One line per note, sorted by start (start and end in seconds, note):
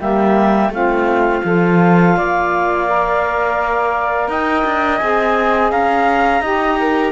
0.00 0.70 G3
0.00 0.71 A#3
0.00 0.72 G4
0.00 0.72 E5
0.70 1.42 A3
0.70 1.44 C4
0.70 1.47 F4
0.70 4.30 F5
1.45 2.16 F3
1.45 2.88 F4
1.45 2.17 A4
2.17 4.28 A#3
2.17 4.29 D5
2.88 5.01 A#4
4.28 4.64 D#4
4.28 5.71 D#5
4.28 4.98 G5
4.65 5.01 D4
4.98 5.72 C4
4.98 6.42 G#4
4.98 5.69 G#5
5.71 6.41 C#4
5.71 6.42 F5
5.71 7.12 A#5
6.41 7.12 D#4
6.41 7.12 G4
6.41 6.78 D#5
6.80 7.12 A#4